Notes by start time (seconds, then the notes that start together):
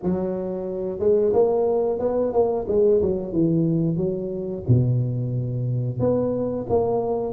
0.02 F#3
0.98 G#3
1.33 A#3
1.99 B3
2.32 A#3
2.68 G#3
3.02 F#3
3.32 E3
3.97 F#3
4.68 B2
5.99 B3
6.69 A#3